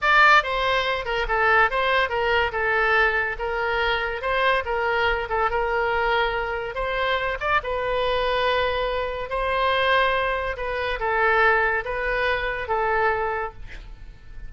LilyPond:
\new Staff \with { instrumentName = "oboe" } { \time 4/4 \tempo 4 = 142 d''4 c''4. ais'8 a'4 | c''4 ais'4 a'2 | ais'2 c''4 ais'4~ | ais'8 a'8 ais'2. |
c''4. d''8 b'2~ | b'2 c''2~ | c''4 b'4 a'2 | b'2 a'2 | }